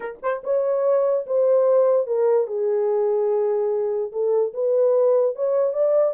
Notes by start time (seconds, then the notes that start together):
0.00 A#4
0.22 C5
0.43 C#5
1.26 C5
2.07 A#4
2.47 G#4
4.12 A4
4.53 B4
5.35 C#5
5.73 D5